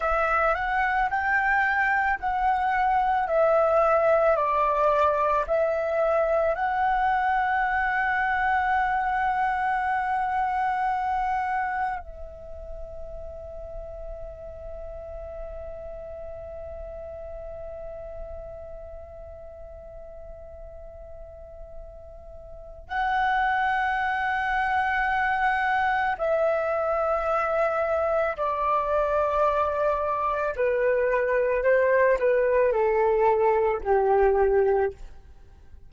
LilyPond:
\new Staff \with { instrumentName = "flute" } { \time 4/4 \tempo 4 = 55 e''8 fis''8 g''4 fis''4 e''4 | d''4 e''4 fis''2~ | fis''2. e''4~ | e''1~ |
e''1~ | e''4 fis''2. | e''2 d''2 | b'4 c''8 b'8 a'4 g'4 | }